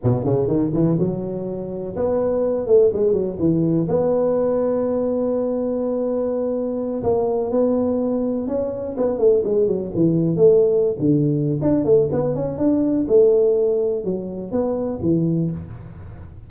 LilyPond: \new Staff \with { instrumentName = "tuba" } { \time 4/4 \tempo 4 = 124 b,8 cis8 dis8 e8 fis2 | b4. a8 gis8 fis8 e4 | b1~ | b2~ b8 ais4 b8~ |
b4. cis'4 b8 a8 gis8 | fis8 e4 a4~ a16 d4~ d16 | d'8 a8 b8 cis'8 d'4 a4~ | a4 fis4 b4 e4 | }